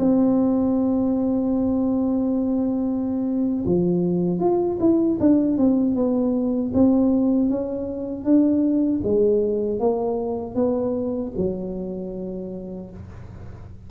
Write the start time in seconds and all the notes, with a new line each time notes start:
0.00 C4
3.66 F3
4.40 F4
4.81 E4
5.21 D4
5.58 C4
5.96 B3
6.75 C4
7.50 C#4
8.25 D4
9.04 G#3
9.80 A#3
10.56 B3
11.37 F#3